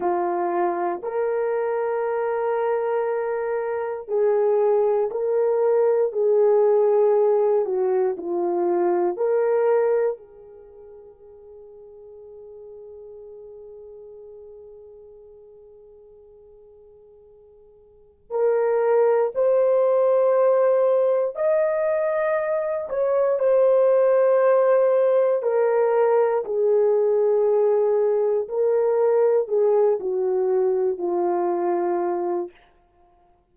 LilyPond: \new Staff \with { instrumentName = "horn" } { \time 4/4 \tempo 4 = 59 f'4 ais'2. | gis'4 ais'4 gis'4. fis'8 | f'4 ais'4 gis'2~ | gis'1~ |
gis'2 ais'4 c''4~ | c''4 dis''4. cis''8 c''4~ | c''4 ais'4 gis'2 | ais'4 gis'8 fis'4 f'4. | }